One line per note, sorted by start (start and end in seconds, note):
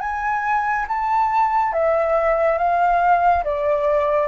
0.00 0.86 G#5
0.88 1.73 A5
1.73 2.58 E5
2.58 3.44 F5
3.44 4.27 D5